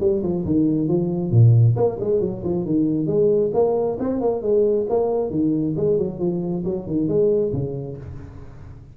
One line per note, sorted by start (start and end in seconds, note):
0.00 0.22 G3
0.23 0.45 F3
0.45 0.88 D#3
0.88 1.31 F3
1.31 1.75 A#2
1.76 1.98 A#3
2.00 2.21 G#3
2.21 2.43 F#3
2.44 2.65 F3
2.65 3.07 D#3
3.07 3.51 G#3
3.54 3.98 A#3
4.00 4.21 C4
4.21 4.42 A#3
4.42 4.86 G#3
4.89 5.30 A#3
5.30 5.75 D#3
5.77 5.98 G#3
5.98 6.19 F#3
6.19 6.64 F3
6.65 6.87 F#3
6.87 7.08 D#3
7.08 7.52 G#3
7.53 7.97 C#3